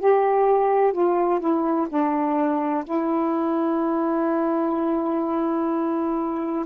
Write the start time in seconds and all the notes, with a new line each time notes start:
0.00 G4
0.93 F4
1.40 E4
1.89 D4
2.85 E4